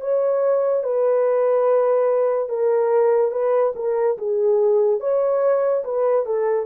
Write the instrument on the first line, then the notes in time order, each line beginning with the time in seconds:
horn
0.00 C#5
0.83 B4
2.48 A#4
3.31 B4
3.75 A#4
4.17 G#4
5.00 C#5
5.84 B4
6.25 A4